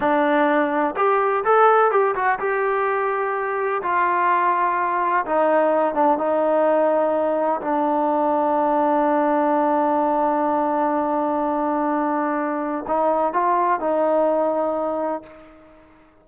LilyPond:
\new Staff \with { instrumentName = "trombone" } { \time 4/4 \tempo 4 = 126 d'2 g'4 a'4 | g'8 fis'8 g'2. | f'2. dis'4~ | dis'8 d'8 dis'2. |
d'1~ | d'1~ | d'2. dis'4 | f'4 dis'2. | }